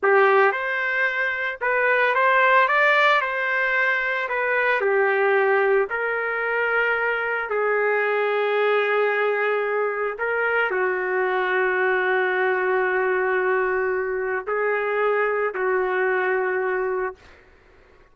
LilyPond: \new Staff \with { instrumentName = "trumpet" } { \time 4/4 \tempo 4 = 112 g'4 c''2 b'4 | c''4 d''4 c''2 | b'4 g'2 ais'4~ | ais'2 gis'2~ |
gis'2. ais'4 | fis'1~ | fis'2. gis'4~ | gis'4 fis'2. | }